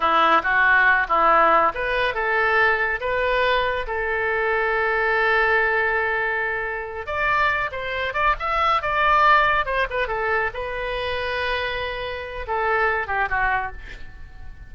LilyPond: \new Staff \with { instrumentName = "oboe" } { \time 4/4 \tempo 4 = 140 e'4 fis'4. e'4. | b'4 a'2 b'4~ | b'4 a'2.~ | a'1~ |
a'8 d''4. c''4 d''8 e''8~ | e''8 d''2 c''8 b'8 a'8~ | a'8 b'2.~ b'8~ | b'4 a'4. g'8 fis'4 | }